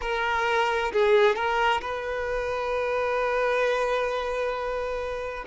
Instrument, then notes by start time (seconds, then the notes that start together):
violin
0.01 A#4
0.93 G#4
1.35 A#4
1.81 B4